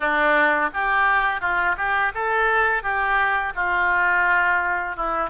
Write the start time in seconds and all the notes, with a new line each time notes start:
0.00 D4
0.73 G4
1.41 F4
1.77 G4
2.14 A4
2.82 G4
3.55 F4
4.96 E4